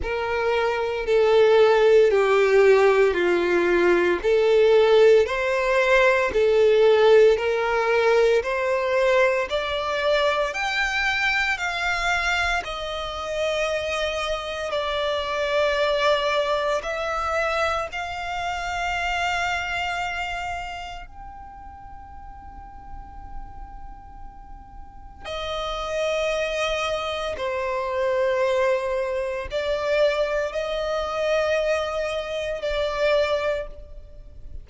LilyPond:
\new Staff \with { instrumentName = "violin" } { \time 4/4 \tempo 4 = 57 ais'4 a'4 g'4 f'4 | a'4 c''4 a'4 ais'4 | c''4 d''4 g''4 f''4 | dis''2 d''2 |
e''4 f''2. | g''1 | dis''2 c''2 | d''4 dis''2 d''4 | }